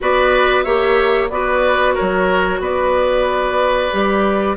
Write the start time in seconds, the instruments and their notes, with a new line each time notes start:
0.00 bassoon B3, clarinet F#4, oboe B4, flute D5
0.63 bassoon A#3, clarinet G4, oboe C#5, flute E5
1.29 bassoon B3, clarinet F#4, oboe B4, flute D5
1.94 oboe A#4, flute C#5
2.00 bassoon F#3
2.59 bassoon B3, oboe B4, flute D5
3.92 bassoon G3, clarinet G4